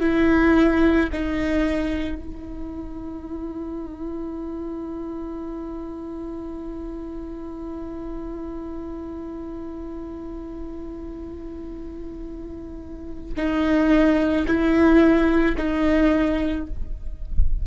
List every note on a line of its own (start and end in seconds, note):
0.00 1.09 E4
1.13 2.16 D#4
2.16 13.34 E4
13.36 14.45 D#4
14.46 15.56 E4
15.57 16.66 D#4